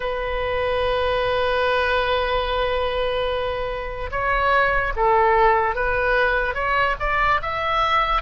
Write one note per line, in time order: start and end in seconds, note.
0.00 4.10 B4
4.11 4.93 C#5
4.95 5.75 A4
5.75 6.54 B4
6.54 6.95 C#5
6.99 7.40 D5
7.42 8.22 E5